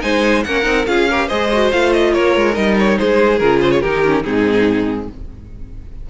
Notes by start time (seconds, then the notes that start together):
0.00 G#3 D#4 C5 G#5
0.43 A#3 C#4 A#4 F#5
0.63 C4 D#4
0.86 C#4 F4 G#4 F5
1.10 G4 A#4
1.26 G#3 G#4 C5 D#5
1.52 F#4
1.71 A3 F4 F5
1.92 D#5
2.13 A#3 A#4 C#5
2.35 G#3
2.53 G3 D#4 D#5
2.78 C#5
2.98 G#3 G#4 C5
3.38 C#3 F4 A#4
3.61 C5
3.71 C#5
3.81 D#3 D#4 G4 A#4
4.05 C#4
4.23 G#2 C4 D#4 G#4